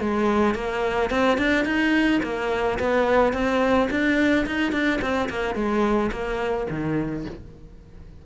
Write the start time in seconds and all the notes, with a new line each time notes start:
0.00 G#3
0.55 A#3
1.10 C4
1.38 D4
1.65 D#4
2.23 A#3
2.79 B3
3.33 C4
3.90 D4
4.46 D#4
4.72 D4
5.01 C4
5.29 A#3
5.55 G#3
6.11 A#3
6.70 D#3